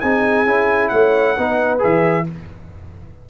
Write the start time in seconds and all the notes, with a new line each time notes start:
0.00 C4 D#4 G#4 G#5
0.45 C#4 E4
0.88 A3 C#5 F#5
1.36 B3 D#4 B4
1.79 E3 G#4 E5